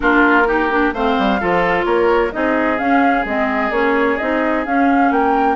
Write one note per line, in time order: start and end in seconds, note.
0.00 0.93 A#3
0.00 0.45 D4
0.00 0.47 F4
0.00 0.92 A#4
0.45 0.69 D#4
0.45 0.94 G4
0.70 0.94 D4
0.93 1.16 A3
0.93 1.40 C4
0.93 1.40 C5
0.93 1.84 F5
1.18 1.41 G3
1.40 1.85 F3
1.40 2.31 F4
1.40 1.85 A4
1.84 2.31 A#3
1.84 2.32 A#4
1.84 2.31 C#5
2.31 2.79 C4
2.31 2.78 D#4
2.31 5.13 G#4
2.31 2.78 D#5
2.78 3.25 C#4
2.78 3.24 C#4
2.78 3.25 F5
3.24 3.70 G#3
3.24 3.72 C4
3.24 3.72 D#5
3.70 4.17 A#3
3.70 4.18 C#4
3.70 4.18 C#5
4.18 4.66 C4
4.18 4.66 D#4
4.18 4.64 D#5
4.65 5.10 C#4
4.65 5.55 C#4
4.65 5.12 F5
5.10 5.55 A#3
5.10 5.55 A#4
5.10 5.55 G5